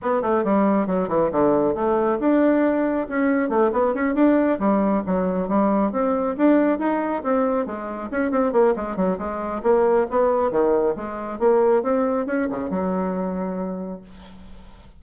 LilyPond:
\new Staff \with { instrumentName = "bassoon" } { \time 4/4 \tempo 4 = 137 b8 a8 g4 fis8 e8 d4 | a4 d'2 cis'4 | a8 b8 cis'8 d'4 g4 fis8~ | fis8 g4 c'4 d'4 dis'8~ |
dis'8 c'4 gis4 cis'8 c'8 ais8 | gis8 fis8 gis4 ais4 b4 | dis4 gis4 ais4 c'4 | cis'8 cis8 fis2. | }